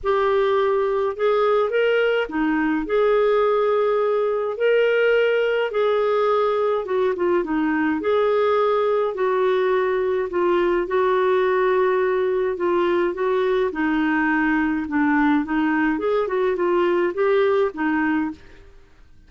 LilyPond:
\new Staff \with { instrumentName = "clarinet" } { \time 4/4 \tempo 4 = 105 g'2 gis'4 ais'4 | dis'4 gis'2. | ais'2 gis'2 | fis'8 f'8 dis'4 gis'2 |
fis'2 f'4 fis'4~ | fis'2 f'4 fis'4 | dis'2 d'4 dis'4 | gis'8 fis'8 f'4 g'4 dis'4 | }